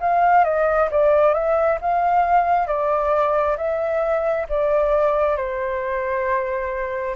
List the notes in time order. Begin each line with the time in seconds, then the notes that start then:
0.00 F5
0.44 D#5
0.91 D5
1.34 E5
1.81 F5
2.67 D5
3.57 E5
4.49 D5
5.36 C5